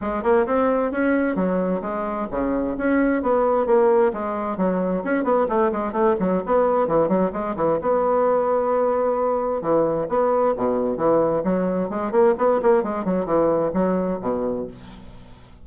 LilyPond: \new Staff \with { instrumentName = "bassoon" } { \time 4/4 \tempo 4 = 131 gis8 ais8 c'4 cis'4 fis4 | gis4 cis4 cis'4 b4 | ais4 gis4 fis4 cis'8 b8 | a8 gis8 a8 fis8 b4 e8 fis8 |
gis8 e8 b2.~ | b4 e4 b4 b,4 | e4 fis4 gis8 ais8 b8 ais8 | gis8 fis8 e4 fis4 b,4 | }